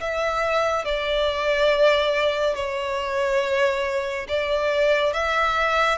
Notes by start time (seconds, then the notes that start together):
0.00 E5
0.85 D5
2.55 C#5
4.28 D5
5.13 E5